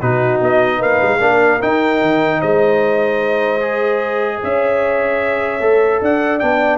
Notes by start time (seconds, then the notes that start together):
0.00 B2 D#4 F#4 B4
0.41 B3 D#5
0.78 A#3 B4 F5
1.02 G#3
1.18 A#3 D4 A#4
1.60 D#4 G5
2.01 D#3
2.40 G#3 C5 D#5
3.61 G#4
4.42 C#4 C#5 E5
5.60 A3 A4
6.01 D4 D5 F#5
6.39 B3 D4 G5